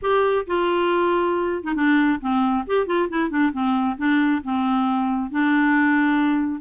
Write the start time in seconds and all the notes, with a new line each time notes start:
0.02 G4
0.46 F4
1.63 D#4
1.75 D4
2.20 C4
2.67 G4
2.86 F4
3.09 E4
3.30 D4
3.52 C4
3.97 D4
4.43 C4
5.30 D4